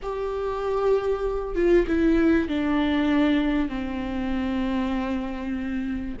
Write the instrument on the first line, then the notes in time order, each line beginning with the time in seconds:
viola
0.02 G4
1.55 F4
1.87 E4
2.48 D4
3.69 C4